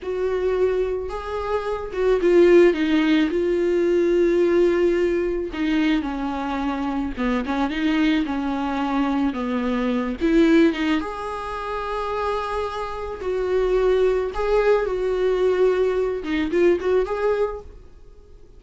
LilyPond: \new Staff \with { instrumentName = "viola" } { \time 4/4 \tempo 4 = 109 fis'2 gis'4. fis'8 | f'4 dis'4 f'2~ | f'2 dis'4 cis'4~ | cis'4 b8 cis'8 dis'4 cis'4~ |
cis'4 b4. e'4 dis'8 | gis'1 | fis'2 gis'4 fis'4~ | fis'4. dis'8 f'8 fis'8 gis'4 | }